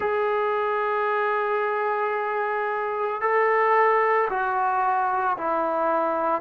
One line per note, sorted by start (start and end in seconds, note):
0.00 3.21 G#4
3.21 4.28 A4
4.29 5.36 F#4
5.37 6.41 E4